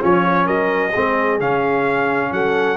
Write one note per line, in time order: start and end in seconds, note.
0.00 0.47 F3
0.00 0.92 C#4
0.00 0.45 F4
0.00 0.47 C#5
0.45 0.94 F#3
0.45 0.90 A#4
0.45 1.39 D#5
0.90 1.40 G#3
0.90 1.40 C4
0.90 2.28 G#4
1.40 2.32 C#3
1.40 2.77 C#4
1.40 2.32 F5
2.32 2.77 F#3
2.32 2.77 A4
2.32 2.77 F#5